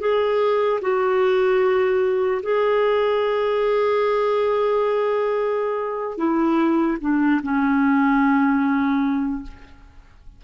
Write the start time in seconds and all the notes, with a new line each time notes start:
0.00 G#4
0.81 F#4
2.43 G#4
6.17 E4
7.01 D4
7.43 C#4